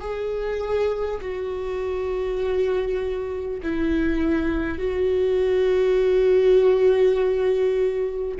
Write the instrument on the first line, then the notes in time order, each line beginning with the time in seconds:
viola
0.00 G#4
1.21 F#4
3.62 E4
4.78 F#4